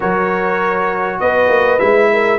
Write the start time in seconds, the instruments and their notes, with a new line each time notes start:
0.00 tuba F#3, trombone F#4, horn A#4, trumpet C#5
1.20 tuba B3, horn B4, trumpet D#5
1.48 tuba A#3
1.79 tuba G#3, trombone E4, trumpet E5
2.12 horn A#4